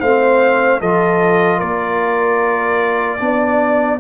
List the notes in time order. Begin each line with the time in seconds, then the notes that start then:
0.00 A3 C4 C5 F5
0.80 F3 F4 A4 D#5
1.58 A#3 A#4 D5
3.19 B3 D4 D5